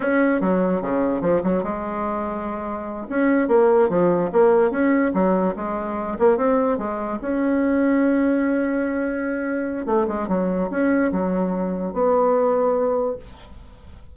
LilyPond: \new Staff \with { instrumentName = "bassoon" } { \time 4/4 \tempo 4 = 146 cis'4 fis4 cis4 f8 fis8 | gis2.~ gis8 cis'8~ | cis'8 ais4 f4 ais4 cis'8~ | cis'8 fis4 gis4. ais8 c'8~ |
c'8 gis4 cis'2~ cis'8~ | cis'1 | a8 gis8 fis4 cis'4 fis4~ | fis4 b2. | }